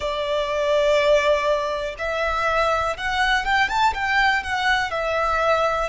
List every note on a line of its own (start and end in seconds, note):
0.00 1.95 D5
1.98 2.96 E5
2.97 3.45 F#5
3.45 3.68 G5
3.68 3.93 A5
3.93 4.43 G5
4.43 4.90 F#5
4.90 5.89 E5